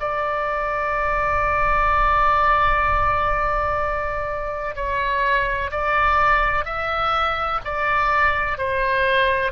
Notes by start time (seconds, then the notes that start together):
0.00 D5
4.75 C#5
5.71 D5
6.65 E5
7.65 D5
8.58 C5